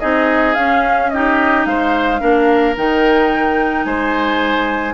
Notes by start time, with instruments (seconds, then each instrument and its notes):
0.00 bassoon C4, clarinet D#4, oboe G#4, flute D#5
0.54 bassoon C#4, clarinet C#4, flute F5
1.10 clarinet D#4, oboe G4, flute D#5
1.65 bassoon G#3, oboe C5, flute F5
2.20 bassoon A#3, clarinet D4, oboe A#4
2.77 bassoon D#3, clarinet D#4, flute G5
3.84 bassoon G#3, oboe C5, flute G#5